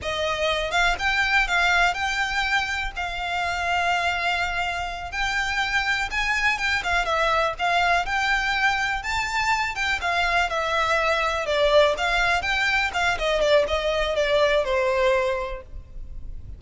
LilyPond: \new Staff \with { instrumentName = "violin" } { \time 4/4 \tempo 4 = 123 dis''4. f''8 g''4 f''4 | g''2 f''2~ | f''2~ f''8 g''4.~ | g''8 gis''4 g''8 f''8 e''4 f''8~ |
f''8 g''2 a''4. | g''8 f''4 e''2 d''8~ | d''8 f''4 g''4 f''8 dis''8 d''8 | dis''4 d''4 c''2 | }